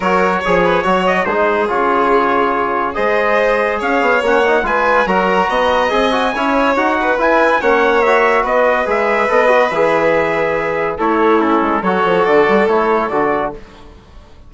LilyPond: <<
  \new Staff \with { instrumentName = "trumpet" } { \time 4/4 \tempo 4 = 142 cis''2~ cis''8 dis''8 c''4 | cis''2. dis''4~ | dis''4 f''4 fis''4 gis''4 | ais''2 gis''2 |
fis''4 gis''4 fis''4 e''4 | dis''4 e''4 dis''4 e''4~ | e''2 cis''4 a'4 | cis''4 d''4 cis''4 d''4 | }
  \new Staff \with { instrumentName = "violin" } { \time 4/4 ais'4 cis''8 b'8 cis''4 gis'4~ | gis'2. c''4~ | c''4 cis''2 b'4 | ais'4 dis''2 cis''4~ |
cis''8 b'4. cis''2 | b'1~ | b'2 e'2 | a'1 | }
  \new Staff \with { instrumentName = "trombone" } { \time 4/4 fis'4 gis'4 fis'4 dis'4 | f'2. gis'4~ | gis'2 cis'8 dis'8 f'4 | fis'2 gis'8 fis'8 e'4 |
fis'4 e'4 cis'4 fis'4~ | fis'4 gis'4 a'8 fis'8 gis'4~ | gis'2 a'4 cis'4 | fis'2 e'4 fis'4 | }
  \new Staff \with { instrumentName = "bassoon" } { \time 4/4 fis4 f4 fis4 gis4 | cis2. gis4~ | gis4 cis'8 b8 ais4 gis4 | fis4 b4 c'4 cis'4 |
dis'4 e'4 ais2 | b4 gis4 b4 e4~ | e2 a4. gis8 | fis8 f8 d8 g8 a4 d4 | }
>>